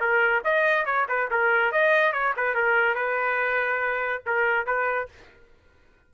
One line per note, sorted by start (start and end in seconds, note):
0.00 0.43 A#4
0.44 0.85 D#5
0.85 1.06 C#5
1.09 1.30 B4
1.30 1.72 A#4
1.72 2.12 D#5
2.12 2.34 C#5
2.36 2.54 B4
2.54 2.95 A#4
2.95 4.23 B4
4.26 4.66 A#4
4.66 5.09 B4